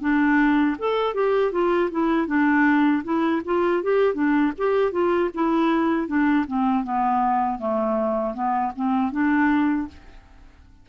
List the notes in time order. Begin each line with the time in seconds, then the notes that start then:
0.00 D4
0.78 A4
1.14 G4
1.51 F4
1.91 E4
2.27 D4
3.03 E4
3.45 F4
3.83 G4
4.14 D4
4.57 G4
4.92 F4
5.34 E4
6.07 D4
6.47 C4
6.84 B3
7.58 A3
8.34 B3
8.75 C4
9.11 D4